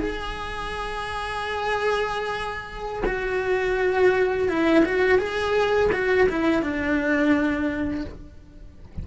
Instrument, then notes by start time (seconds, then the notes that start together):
cello
0.00 G#4
3.06 F#4
4.49 E4
4.86 F#4
5.19 G#4
5.93 F#4
6.29 E4
6.63 D4